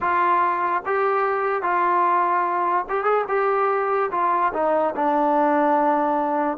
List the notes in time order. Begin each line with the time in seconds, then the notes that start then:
0.00 F4
0.85 G4
1.62 F4
2.89 G4
3.04 G#4
3.28 G4
4.11 F4
4.53 D#4
4.95 D4